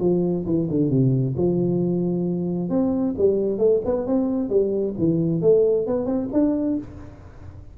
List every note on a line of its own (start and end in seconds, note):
0.00 0.45 F3
0.46 0.68 E3
0.70 0.90 D3
0.90 1.35 C3
1.37 2.70 F3
2.70 3.15 C4
3.18 3.58 G3
3.58 3.81 A3
3.85 4.07 B3
4.07 4.49 C4
4.49 4.94 G3
4.98 5.42 E3
5.42 5.86 A3
5.86 6.06 B3
6.06 6.29 C4
6.33 6.78 D4